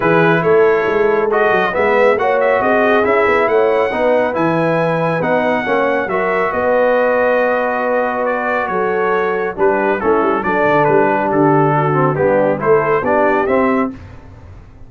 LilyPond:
<<
  \new Staff \with { instrumentName = "trumpet" } { \time 4/4 \tempo 4 = 138 b'4 cis''2 dis''4 | e''4 fis''8 e''8 dis''4 e''4 | fis''2 gis''2 | fis''2 e''4 dis''4~ |
dis''2. d''4 | cis''2 b'4 a'4 | d''4 b'4 a'2 | g'4 c''4 d''4 e''4 | }
  \new Staff \with { instrumentName = "horn" } { \time 4/4 gis'4 a'2. | b'4 cis''4 gis'2 | cis''4 b'2.~ | b'4 cis''4 ais'4 b'4~ |
b'1 | a'2 g'4 e'4 | a'4. g'4. fis'4 | d'4 a'4 g'2 | }
  \new Staff \with { instrumentName = "trombone" } { \time 4/4 e'2. fis'4 | b4 fis'2 e'4~ | e'4 dis'4 e'2 | dis'4 cis'4 fis'2~ |
fis'1~ | fis'2 d'4 cis'4 | d'2.~ d'8 c'8 | b4 e'4 d'4 c'4 | }
  \new Staff \with { instrumentName = "tuba" } { \time 4/4 e4 a4 gis4. fis8 | gis4 ais4 c'4 cis'8 b8 | a4 b4 e2 | b4 ais4 fis4 b4~ |
b1 | fis2 g4 a8 g8 | fis8 d8 g4 d2 | g4 a4 b4 c'4 | }
>>